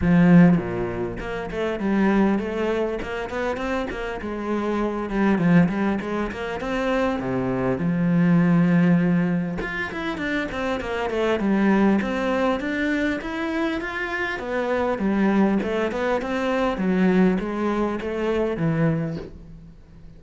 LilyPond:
\new Staff \with { instrumentName = "cello" } { \time 4/4 \tempo 4 = 100 f4 ais,4 ais8 a8 g4 | a4 ais8 b8 c'8 ais8 gis4~ | gis8 g8 f8 g8 gis8 ais8 c'4 | c4 f2. |
f'8 e'8 d'8 c'8 ais8 a8 g4 | c'4 d'4 e'4 f'4 | b4 g4 a8 b8 c'4 | fis4 gis4 a4 e4 | }